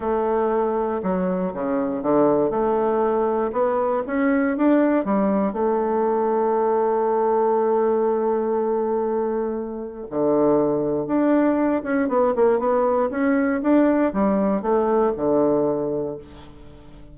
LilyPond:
\new Staff \with { instrumentName = "bassoon" } { \time 4/4 \tempo 4 = 119 a2 fis4 cis4 | d4 a2 b4 | cis'4 d'4 g4 a4~ | a1~ |
a1 | d2 d'4. cis'8 | b8 ais8 b4 cis'4 d'4 | g4 a4 d2 | }